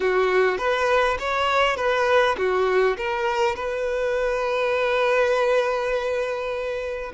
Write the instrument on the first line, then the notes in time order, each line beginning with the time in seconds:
violin
0.00 F#4
0.58 B4
1.19 C#5
1.76 B4
2.37 F#4
2.97 A#4
3.55 B4